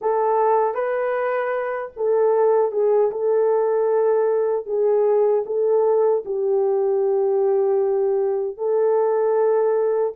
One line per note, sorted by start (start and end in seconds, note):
0.01 0.74 A4
0.74 1.91 B4
1.96 2.71 A4
2.71 3.10 G#4
3.11 4.65 A4
4.65 5.44 G#4
5.45 6.23 A4
6.25 8.57 G4
8.57 10.13 A4